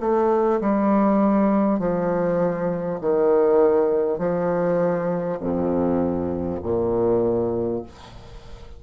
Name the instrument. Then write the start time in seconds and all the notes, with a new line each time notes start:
bassoon
0.00 A3
0.60 G3
1.79 F3
3.00 D#3
4.18 F3
5.39 F2
6.62 A#2